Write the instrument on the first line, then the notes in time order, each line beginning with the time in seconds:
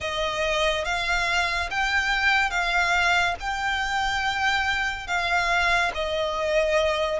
violin
0.00 D#5
0.85 F5
1.70 G5
2.50 F5
3.40 G5
5.07 F5
5.94 D#5